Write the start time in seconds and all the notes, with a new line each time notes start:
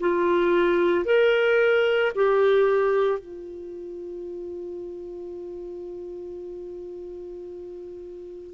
0.00 F4
1.05 A#4
2.15 G4
3.19 F4